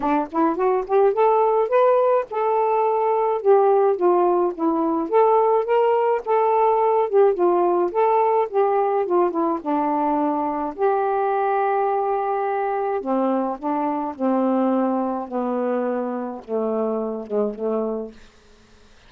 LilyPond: \new Staff \with { instrumentName = "saxophone" } { \time 4/4 \tempo 4 = 106 d'8 e'8 fis'8 g'8 a'4 b'4 | a'2 g'4 f'4 | e'4 a'4 ais'4 a'4~ | a'8 g'8 f'4 a'4 g'4 |
f'8 e'8 d'2 g'4~ | g'2. c'4 | d'4 c'2 b4~ | b4 a4. gis8 a4 | }